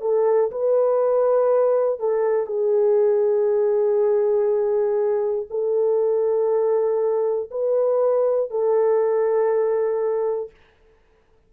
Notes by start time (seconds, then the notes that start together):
0.00 A4
0.50 B4
2.00 A4
2.46 G#4
5.50 A4
7.50 B4
8.50 A4